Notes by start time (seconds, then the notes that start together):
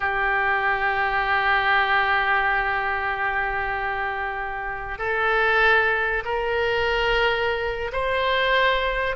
0.00 G4
4.98 A4
6.24 A#4
7.92 C5